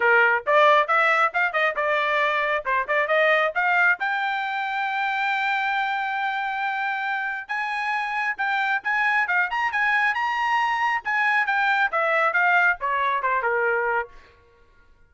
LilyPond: \new Staff \with { instrumentName = "trumpet" } { \time 4/4 \tempo 4 = 136 ais'4 d''4 e''4 f''8 dis''8 | d''2 c''8 d''8 dis''4 | f''4 g''2.~ | g''1~ |
g''4 gis''2 g''4 | gis''4 f''8 ais''8 gis''4 ais''4~ | ais''4 gis''4 g''4 e''4 | f''4 cis''4 c''8 ais'4. | }